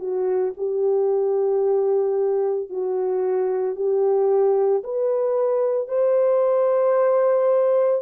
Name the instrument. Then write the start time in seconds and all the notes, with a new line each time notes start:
horn
0.00 F#4
0.57 G4
2.70 F#4
3.76 G4
4.84 B4
5.88 C5